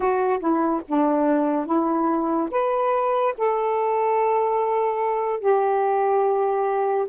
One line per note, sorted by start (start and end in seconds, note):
0.00 0.39 F#4
0.39 0.81 E4
0.87 1.66 D4
1.66 2.49 E4
2.50 3.34 B4
3.37 5.40 A4
5.40 7.06 G4